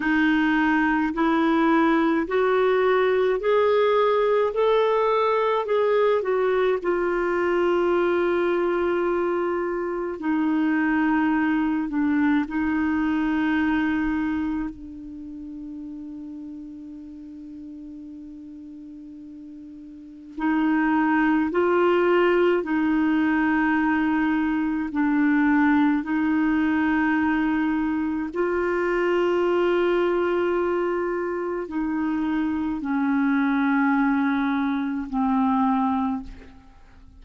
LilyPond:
\new Staff \with { instrumentName = "clarinet" } { \time 4/4 \tempo 4 = 53 dis'4 e'4 fis'4 gis'4 | a'4 gis'8 fis'8 f'2~ | f'4 dis'4. d'8 dis'4~ | dis'4 d'2.~ |
d'2 dis'4 f'4 | dis'2 d'4 dis'4~ | dis'4 f'2. | dis'4 cis'2 c'4 | }